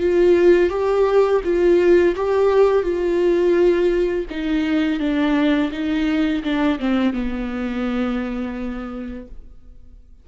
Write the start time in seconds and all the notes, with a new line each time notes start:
0.00 F4
0.70 G4
1.44 F4
2.16 G4
2.83 F4
4.30 D#4
5.00 D4
5.71 D#4
6.43 D4
6.79 C4
7.13 B3